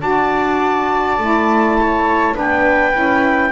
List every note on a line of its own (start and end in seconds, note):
0.00 1.18 D4
0.00 1.18 F#4
0.00 1.78 D5
0.00 2.37 A5
1.18 2.36 A3
1.18 2.34 E4
1.81 2.35 C#5
2.34 2.96 B3
2.34 2.92 D4
2.34 3.52 B4
2.34 3.52 G5
2.93 3.52 C#4
2.93 3.51 E4